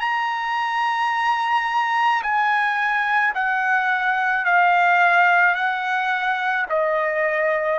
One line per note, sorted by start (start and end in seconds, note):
0.00 2.22 A#5
2.23 3.34 G#5
3.35 4.45 F#5
4.45 5.55 F5
5.55 6.66 F#5
6.70 7.79 D#5